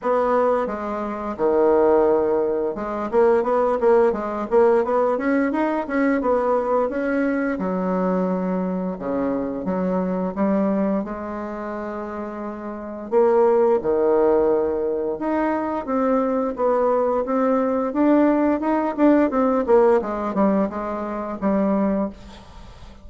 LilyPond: \new Staff \with { instrumentName = "bassoon" } { \time 4/4 \tempo 4 = 87 b4 gis4 dis2 | gis8 ais8 b8 ais8 gis8 ais8 b8 cis'8 | dis'8 cis'8 b4 cis'4 fis4~ | fis4 cis4 fis4 g4 |
gis2. ais4 | dis2 dis'4 c'4 | b4 c'4 d'4 dis'8 d'8 | c'8 ais8 gis8 g8 gis4 g4 | }